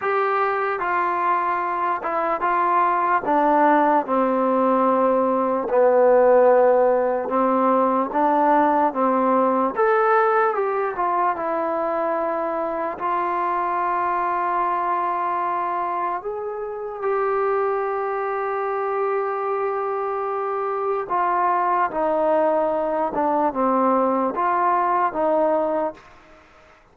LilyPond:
\new Staff \with { instrumentName = "trombone" } { \time 4/4 \tempo 4 = 74 g'4 f'4. e'8 f'4 | d'4 c'2 b4~ | b4 c'4 d'4 c'4 | a'4 g'8 f'8 e'2 |
f'1 | gis'4 g'2.~ | g'2 f'4 dis'4~ | dis'8 d'8 c'4 f'4 dis'4 | }